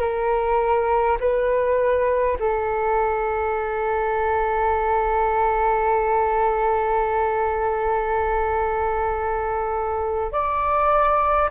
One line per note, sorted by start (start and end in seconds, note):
0.00 1.18 A#4
1.20 2.37 B4
2.40 10.32 A4
10.32 11.50 D5